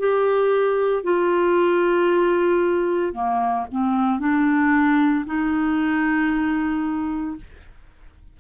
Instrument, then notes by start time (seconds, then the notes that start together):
clarinet
0.00 G4
1.04 F4
3.13 A#3
3.72 C4
4.20 D4
5.26 D#4